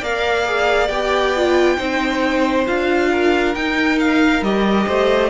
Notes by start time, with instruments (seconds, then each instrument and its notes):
0.00 cello A#3, viola A#4, violin D5 F5
0.46 viola G#4
0.88 cello B3, viola G4, violin G5
1.37 viola F4
1.77 cello C4, viola D#4, violin C5
2.66 cello D4, viola F4, violin F5
3.11 violin A#4
3.55 cello D#4, viola D#4, violin G5
3.99 violin F5
4.42 cello G3, viola G4, violin D#5
4.86 cello A3, violin C5